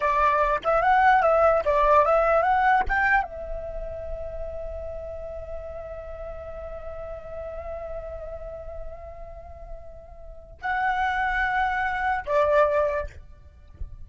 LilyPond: \new Staff \with { instrumentName = "flute" } { \time 4/4 \tempo 4 = 147 d''4. e''8 fis''4 e''4 | d''4 e''4 fis''4 g''4 | e''1~ | e''1~ |
e''1~ | e''1~ | e''2 fis''2~ | fis''2 d''2 | }